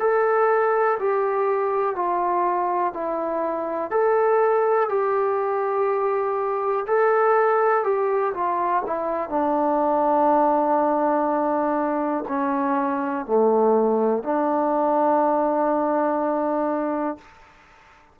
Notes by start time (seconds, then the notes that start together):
0.00 A4
0.99 G4
1.96 F4
2.93 E4
3.91 A4
4.89 G4
6.87 A4
7.84 G4
8.34 F4
8.87 E4
9.30 D4
12.28 C#4
13.26 A3
14.23 D4